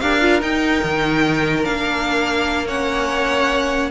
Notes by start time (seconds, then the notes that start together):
0.00 D4 G4 A#4 F5
0.21 F4
0.42 D#4 G5
0.84 D#3
1.63 A#3 D4 F5
2.67 C#4 C#5 F#5